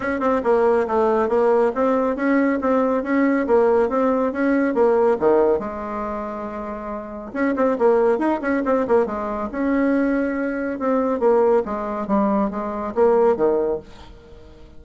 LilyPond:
\new Staff \with { instrumentName = "bassoon" } { \time 4/4 \tempo 4 = 139 cis'8 c'8 ais4 a4 ais4 | c'4 cis'4 c'4 cis'4 | ais4 c'4 cis'4 ais4 | dis4 gis2.~ |
gis4 cis'8 c'8 ais4 dis'8 cis'8 | c'8 ais8 gis4 cis'2~ | cis'4 c'4 ais4 gis4 | g4 gis4 ais4 dis4 | }